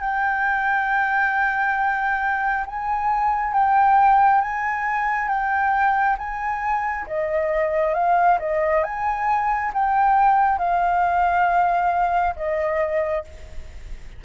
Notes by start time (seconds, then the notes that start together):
0.00 G5
2.66 G#5
3.53 G5
4.41 G#5
5.28 G5
6.18 G#5
7.06 D#5
7.94 F5
8.39 D#5
8.83 G#5
9.73 G5
10.58 F5
12.36 D#5